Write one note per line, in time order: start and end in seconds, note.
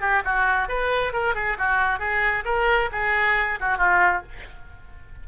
0.00 0.22 G4
0.24 0.68 F#4
0.68 1.12 B4
1.12 1.34 A#4
1.34 1.57 G#4
1.58 1.99 F#4
1.99 2.44 G#4
2.44 2.89 A#4
2.92 3.59 G#4
3.60 3.78 F#4
3.78 4.22 F4